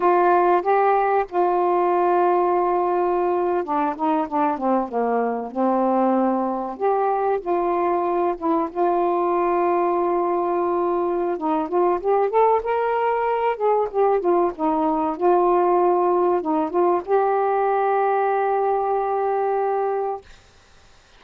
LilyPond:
\new Staff \with { instrumentName = "saxophone" } { \time 4/4 \tempo 4 = 95 f'4 g'4 f'2~ | f'4.~ f'16 d'8 dis'8 d'8 c'8 ais16~ | ais8. c'2 g'4 f'16~ | f'4~ f'16 e'8 f'2~ f'16~ |
f'2 dis'8 f'8 g'8 a'8 | ais'4. gis'8 g'8 f'8 dis'4 | f'2 dis'8 f'8 g'4~ | g'1 | }